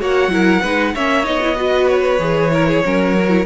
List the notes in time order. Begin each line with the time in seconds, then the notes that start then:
0.00 A#3 F#4 C#5 F#5
0.28 F#3 E4 A#4
0.62 G#3 D#4 B4
0.94 A#3 C#4 C#5 E5
1.25 B3 D#4 D#5
1.42 E4
1.56 F#4 B4
1.88 C#5
2.19 E3 G#4
2.52 E4 A#4
2.69 G#4
2.85 F#3 C#4 A#4
3.19 F#4
3.30 E4